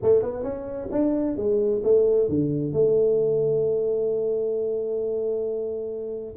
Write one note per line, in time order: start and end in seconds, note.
0.02 0.22 A3
0.22 0.43 B3
0.43 0.88 C#4
0.91 1.36 D4
1.36 1.81 G#3
1.83 2.29 A3
2.29 2.72 D3
2.72 6.36 A3